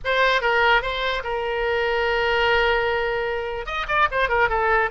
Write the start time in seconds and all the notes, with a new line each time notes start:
0.04 C5
0.41 A#4
0.82 C5
1.23 A#4
3.66 D#5
3.88 D5
4.11 C5
4.29 A#4
4.49 A4